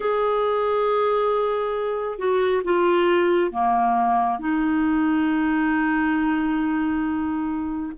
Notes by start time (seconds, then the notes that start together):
0.00 G#4
2.18 F#4
2.64 F4
3.51 A#3
4.39 D#4